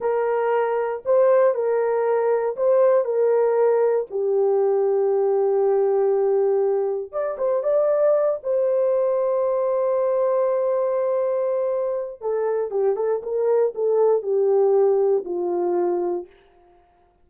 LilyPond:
\new Staff \with { instrumentName = "horn" } { \time 4/4 \tempo 4 = 118 ais'2 c''4 ais'4~ | ais'4 c''4 ais'2 | g'1~ | g'2 d''8 c''8 d''4~ |
d''8 c''2.~ c''8~ | c''1 | a'4 g'8 a'8 ais'4 a'4 | g'2 f'2 | }